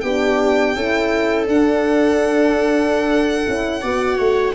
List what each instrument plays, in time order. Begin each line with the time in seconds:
0.00 tuba B3, horn D4, viola G4, violin G5
0.75 tuba C#4, horn E4, viola A4
1.46 horn D4, tuba D4, violin F#5
3.45 tuba C#4, horn E4
3.81 tuba B3, horn F#4, viola D5
4.15 tuba A3, viola C#5